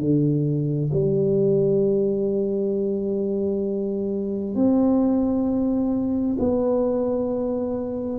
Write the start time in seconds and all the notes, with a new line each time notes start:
0.00 D3
0.93 G3
4.55 C4
6.39 B3